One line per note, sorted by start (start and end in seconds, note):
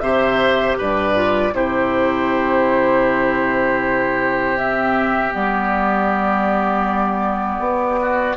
0.00 0.76 C3
0.00 1.15 G4
0.00 0.78 C5
0.00 0.76 E5
0.78 1.53 G2
0.78 1.54 B4
0.78 1.55 D5
1.15 1.53 F4
1.53 5.33 C3
1.53 4.57 E4
1.53 8.00 G4
1.53 4.57 C5
4.57 5.32 C4
4.57 5.33 E5
5.32 7.59 G3
5.32 8.36 B3
5.32 8.36 D5
7.59 8.35 B3
8.01 8.36 F#4